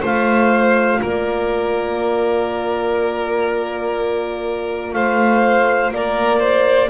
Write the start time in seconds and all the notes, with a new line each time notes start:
0.00 A3 F4 C5 F5
1.00 A#3 A#4 D5
4.92 A3 C5 F5
5.90 A#3 A#4 D5
6.39 C5